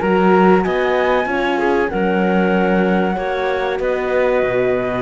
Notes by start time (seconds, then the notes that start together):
0.00 F#3 F#4 A#4 A#5
0.64 B3 D#5 G#5
1.26 C#4 F4 C#5
1.58 G#4
1.90 F#3 C#4 A#4 F#5
3.16 A#3 F#4 C#5
3.80 B3 B4 D#5
4.43 B2